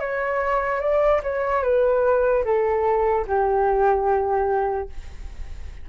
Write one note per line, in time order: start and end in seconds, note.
0.00 0.80 C#5
0.80 1.21 D5
1.23 1.63 C#5
1.63 2.44 B4
2.44 3.25 A4
3.27 4.89 G4